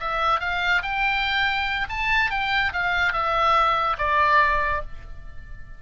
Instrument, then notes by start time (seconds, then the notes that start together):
oboe
0.00 E5
0.40 F5
0.82 G5
1.89 A5
2.30 G5
2.73 F5
3.13 E5
3.98 D5